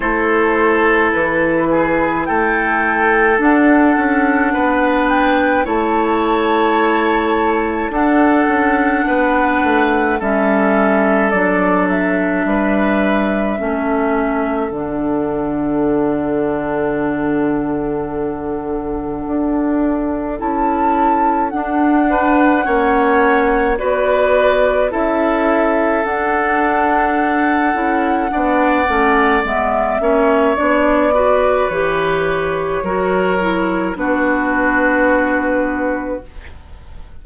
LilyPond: <<
  \new Staff \with { instrumentName = "flute" } { \time 4/4 \tempo 4 = 53 c''4 b'4 g''4 fis''4~ | fis''8 g''8 a''2 fis''4~ | fis''4 e''4 d''8 e''4.~ | e''4 fis''2.~ |
fis''2 a''4 fis''4~ | fis''4 d''4 e''4 fis''4~ | fis''2 e''4 d''4 | cis''2 b'2 | }
  \new Staff \with { instrumentName = "oboe" } { \time 4/4 a'4. gis'8 a'2 | b'4 cis''2 a'4 | b'4 a'2 b'4 | a'1~ |
a'2.~ a'8 b'8 | cis''4 b'4 a'2~ | a'4 d''4. cis''4 b'8~ | b'4 ais'4 fis'2 | }
  \new Staff \with { instrumentName = "clarinet" } { \time 4/4 e'2. d'4~ | d'4 e'2 d'4~ | d'4 cis'4 d'2 | cis'4 d'2.~ |
d'2 e'4 d'4 | cis'4 fis'4 e'4 d'4~ | d'8 e'8 d'8 cis'8 b8 cis'8 d'8 fis'8 | g'4 fis'8 e'8 d'2 | }
  \new Staff \with { instrumentName = "bassoon" } { \time 4/4 a4 e4 a4 d'8 cis'8 | b4 a2 d'8 cis'8 | b8 a8 g4 fis4 g4 | a4 d2.~ |
d4 d'4 cis'4 d'4 | ais4 b4 cis'4 d'4~ | d'8 cis'8 b8 a8 gis8 ais8 b4 | e4 fis4 b2 | }
>>